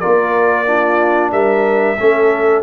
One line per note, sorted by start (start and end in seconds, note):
0.00 0.67 F4
0.00 0.65 A#4
0.00 1.30 D5
0.06 1.32 A#3
0.67 1.97 D4
0.67 1.32 F4
1.32 1.97 G3
1.32 1.97 A#4
1.32 2.63 E5
2.00 2.63 A3
2.00 2.63 C#4
2.00 2.63 A4